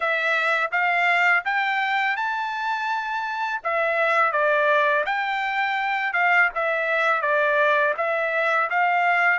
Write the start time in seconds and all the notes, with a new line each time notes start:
0.00 E5
0.71 F5
1.44 G5
2.16 A5
3.63 E5
4.32 D5
5.05 G5
6.13 F5
6.54 E5
7.21 D5
7.97 E5
8.69 F5